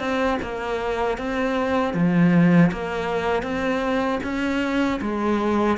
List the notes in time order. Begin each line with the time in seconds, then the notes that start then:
0.00 C4
0.43 A#3
1.19 C4
1.94 F3
2.72 A#3
3.43 C4
4.24 C#4
5.02 G#3